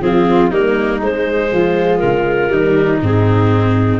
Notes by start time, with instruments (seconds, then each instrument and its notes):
0.00 tuba F3, viola C4, flute F4, clarinet G#4
0.50 tuba G3, viola A#3, flute D#4, clarinet A#4
1.01 tuba G#3, viola G#3, clarinet C5
1.52 tuba F3, flute F4
1.98 tuba C#3, clarinet A#4
2.49 tuba D#3, viola G3, flute D#4
3.01 tuba G#2, viola C4, clarinet G#4